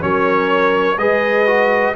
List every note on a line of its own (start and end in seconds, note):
0.00 0.97 F#3
0.00 0.97 C#4
0.00 0.98 A#4
0.00 0.98 C#5
0.97 1.94 G#3
0.97 1.47 G#4
0.97 1.95 B4
0.97 1.95 D#5
1.47 1.95 F#4